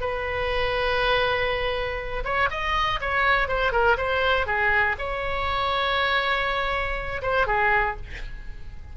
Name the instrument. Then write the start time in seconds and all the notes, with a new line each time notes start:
oboe
0.00 B4
2.24 C#5
2.50 D#5
3.00 C#5
3.48 C5
3.72 A#4
3.97 C5
4.46 G#4
4.98 C#5
7.21 C5
7.47 G#4